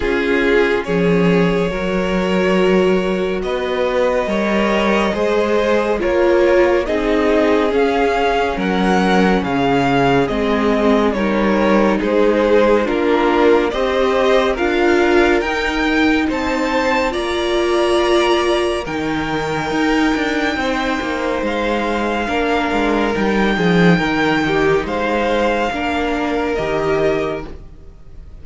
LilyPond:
<<
  \new Staff \with { instrumentName = "violin" } { \time 4/4 \tempo 4 = 70 gis'4 cis''2. | dis''2. cis''4 | dis''4 f''4 fis''4 f''4 | dis''4 cis''4 c''4 ais'4 |
dis''4 f''4 g''4 a''4 | ais''2 g''2~ | g''4 f''2 g''4~ | g''4 f''2 dis''4 | }
  \new Staff \with { instrumentName = "violin" } { \time 4/4 f'4 gis'4 ais'2 | b'4 cis''4 c''4 ais'4 | gis'2 ais'4 gis'4~ | gis'4 ais'4 gis'4 f'4 |
c''4 ais'2 c''4 | d''2 ais'2 | c''2 ais'4. gis'8 | ais'8 g'8 c''4 ais'2 | }
  \new Staff \with { instrumentName = "viola" } { \time 4/4 cis'2 fis'2~ | fis'4 ais'4 gis'4 f'4 | dis'4 cis'2. | c'4 dis'2 d'4 |
g'4 f'4 dis'2 | f'2 dis'2~ | dis'2 d'4 dis'4~ | dis'2 d'4 g'4 | }
  \new Staff \with { instrumentName = "cello" } { \time 4/4 cis'4 f4 fis2 | b4 g4 gis4 ais4 | c'4 cis'4 fis4 cis4 | gis4 g4 gis4 ais4 |
c'4 d'4 dis'4 c'4 | ais2 dis4 dis'8 d'8 | c'8 ais8 gis4 ais8 gis8 g8 f8 | dis4 gis4 ais4 dis4 | }
>>